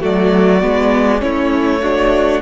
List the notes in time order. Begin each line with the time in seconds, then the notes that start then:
0.00 F#3 A3 F#4 D5
0.61 G#3 B3
1.19 A3 C#4 E4 C#5
1.82 D4 F#4